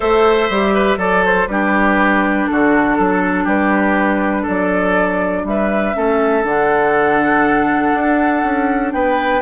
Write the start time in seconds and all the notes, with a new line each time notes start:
0.00 A3 A4 C5 E5
0.49 G3 G4
0.73 B4
0.97 F#3 A4 D5
1.25 C5
1.47 G3 D4 G4 B4
2.46 D3 F#4 A4
2.97 F#3 A4
3.43 G3 G4 B4
4.42 F#3 A4 D5
5.44 G3 B4 E5
5.94 A3 C#4 A4
6.43 D3 D4 F#5
7.94 D4
8.43 C#4
8.92 B3 B4 G5